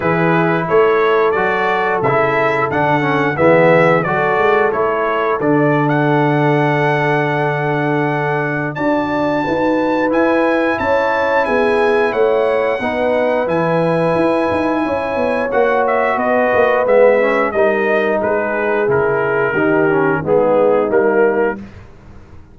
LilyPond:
<<
  \new Staff \with { instrumentName = "trumpet" } { \time 4/4 \tempo 4 = 89 b'4 cis''4 d''4 e''4 | fis''4 e''4 d''4 cis''4 | d''8. fis''2.~ fis''16~ | fis''4 a''2 gis''4 |
a''4 gis''4 fis''2 | gis''2. fis''8 e''8 | dis''4 e''4 dis''4 b'4 | ais'2 gis'4 ais'4 | }
  \new Staff \with { instrumentName = "horn" } { \time 4/4 gis'4 a'2.~ | a'4 gis'4 a'2~ | a'1~ | a'4 d''4 b'2 |
cis''4 gis'4 cis''4 b'4~ | b'2 cis''2 | b'2 ais'4 gis'4~ | gis'4 g'4 dis'2 | }
  \new Staff \with { instrumentName = "trombone" } { \time 4/4 e'2 fis'4 e'4 | d'8 cis'8 b4 fis'4 e'4 | d'1~ | d'4 fis'2 e'4~ |
e'2. dis'4 | e'2. fis'4~ | fis'4 b8 cis'8 dis'2 | e'4 dis'8 cis'8 b4 ais4 | }
  \new Staff \with { instrumentName = "tuba" } { \time 4/4 e4 a4 fis4 cis4 | d4 e4 fis8 gis8 a4 | d1~ | d4 d'4 dis'4 e'4 |
cis'4 b4 a4 b4 | e4 e'8 dis'8 cis'8 b8 ais4 | b8 ais8 gis4 g4 gis4 | cis4 dis4 gis4 g4 | }
>>